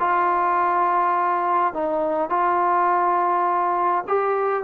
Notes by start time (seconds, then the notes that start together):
0.00 F4
1.74 D#4
2.30 F4
4.08 G4